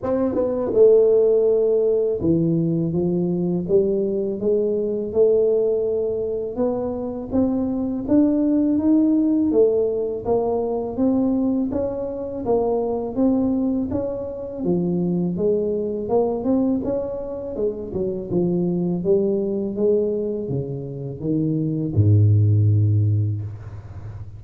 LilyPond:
\new Staff \with { instrumentName = "tuba" } { \time 4/4 \tempo 4 = 82 c'8 b8 a2 e4 | f4 g4 gis4 a4~ | a4 b4 c'4 d'4 | dis'4 a4 ais4 c'4 |
cis'4 ais4 c'4 cis'4 | f4 gis4 ais8 c'8 cis'4 | gis8 fis8 f4 g4 gis4 | cis4 dis4 gis,2 | }